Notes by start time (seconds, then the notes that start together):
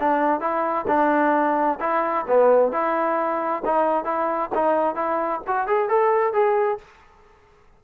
0.00 D4
0.40 E4
0.88 D4
1.80 E4
2.27 B3
2.72 E4
3.65 D#4
4.05 E4
4.55 D#4
4.95 E4
5.47 F#4
5.67 G#4
5.89 A4
6.33 G#4